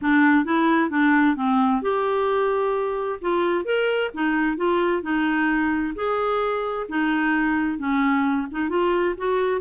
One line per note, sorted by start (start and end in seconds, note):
0.01 0.44 D4
0.44 0.90 E4
0.90 1.36 D4
1.36 1.82 C4
1.82 3.19 G4
3.21 3.65 F4
3.65 4.10 A#4
4.13 4.56 D#4
4.56 5.02 F4
5.02 5.94 D#4
5.95 6.87 G#4
6.88 7.78 D#4
7.78 8.47 C#4
8.51 8.69 D#4
8.69 9.15 F4
9.17 9.61 F#4